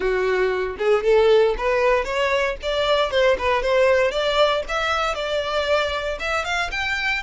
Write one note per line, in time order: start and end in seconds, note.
0.00 0.76 F#4
0.78 1.03 G#4
1.03 1.55 A4
1.57 2.04 B4
2.04 2.56 C#5
2.62 3.10 D5
3.10 3.36 C5
3.38 3.62 B4
3.62 4.11 C5
4.11 4.63 D5
4.68 5.15 E5
5.15 6.18 D5
6.19 6.44 E5
6.44 6.70 F5
6.71 7.22 G5